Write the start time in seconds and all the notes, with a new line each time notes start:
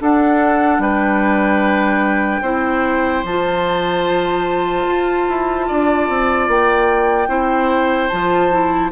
0.00 D4 A4 F#5
0.78 G3 B4 G5
2.41 C4 E4 C5
3.23 F3 F4 A5
4.87 F4
5.28 E4
5.68 D4 D5
6.09 C4
6.47 A#3 G5
7.27 C4 E4 C5
8.08 F3 F4 A5
8.51 E4